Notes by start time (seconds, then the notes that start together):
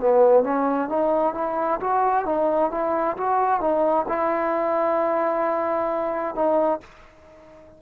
0.00 B3
0.44 C#4
0.89 D#4
1.34 E4
1.81 F#4
2.26 D#4
2.71 E4
3.17 F#4
3.60 D#4
4.08 E4
6.35 D#4